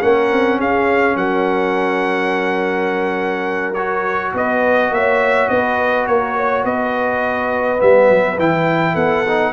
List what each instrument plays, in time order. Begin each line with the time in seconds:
0.00 tuba A#3, trombone C#4, horn A#4, trumpet F#5
0.31 tuba C4
0.58 tuba C#4, horn G#4, trumpet F5
1.15 tuba F#3, horn A#4, trumpet F#5
3.74 trombone F#4, trumpet C#5
4.33 tuba B3, horn B4, trumpet D#5
4.90 tuba A#3, horn C#5, trumpet E5
5.48 tuba B3, horn B4, trumpet D#5
6.06 tuba A#3, horn A#4, trumpet C#5
6.37 horn C#5
6.64 tuba B3, horn B4, trumpet D#5
7.78 tuba G3, trombone B3, trumpet E5
8.09 tuba F#3
8.38 tuba E3, trombone E4, trumpet G5
8.94 tuba B3, horn A4, trumpet F#5
9.26 trombone D#4